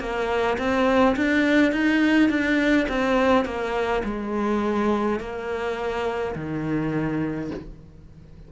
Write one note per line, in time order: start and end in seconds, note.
0.00 0.58 A#3
0.58 1.16 C4
1.16 1.73 D4
1.73 2.30 D#4
2.30 2.87 D4
2.88 3.45 C4
3.45 4.03 A#3
4.04 5.20 G#3
5.20 6.35 A#3
6.36 7.51 D#3